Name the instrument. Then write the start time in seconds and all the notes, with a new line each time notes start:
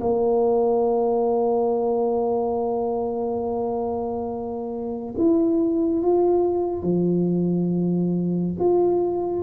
tuba
0.00 A#3
5.17 E4
6.02 F4
6.82 F3
8.59 F4